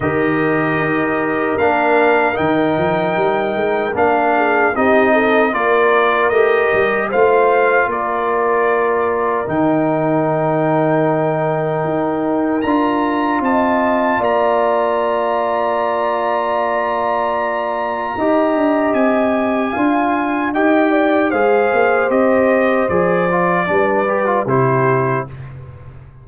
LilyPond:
<<
  \new Staff \with { instrumentName = "trumpet" } { \time 4/4 \tempo 4 = 76 dis''2 f''4 g''4~ | g''4 f''4 dis''4 d''4 | dis''4 f''4 d''2 | g''1 |
ais''4 a''4 ais''2~ | ais''1 | gis''2 g''4 f''4 | dis''4 d''2 c''4 | }
  \new Staff \with { instrumentName = "horn" } { \time 4/4 ais'1~ | ais'4. gis'8 g'8 a'8 ais'4~ | ais'4 c''4 ais'2~ | ais'1~ |
ais'4 dis''4 d''2~ | d''2. dis''4~ | dis''4 f''4 dis''8 d''8 c''4~ | c''2 b'4 g'4 | }
  \new Staff \with { instrumentName = "trombone" } { \time 4/4 g'2 d'4 dis'4~ | dis'4 d'4 dis'4 f'4 | g'4 f'2. | dis'1 |
f'1~ | f'2. g'4~ | g'4 f'4 g'4 gis'4 | g'4 gis'8 f'8 d'8 g'16 f'16 e'4 | }
  \new Staff \with { instrumentName = "tuba" } { \time 4/4 dis4 dis'4 ais4 dis8 f8 | g8 gis8 ais4 c'4 ais4 | a8 g8 a4 ais2 | dis2. dis'4 |
d'4 c'4 ais2~ | ais2. dis'8 d'8 | c'4 d'4 dis'4 gis8 ais8 | c'4 f4 g4 c4 | }
>>